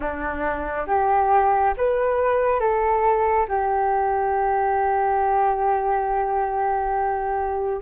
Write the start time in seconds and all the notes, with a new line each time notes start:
0.00 D4
0.87 G4
1.77 B4
2.59 A4
3.47 G4